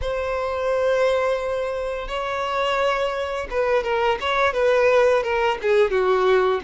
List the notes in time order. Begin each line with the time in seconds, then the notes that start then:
0.01 C5
2.07 C#5
3.50 B4
3.83 A#4
4.20 C#5
4.53 B4
5.23 A#4
5.62 G#4
5.90 F#4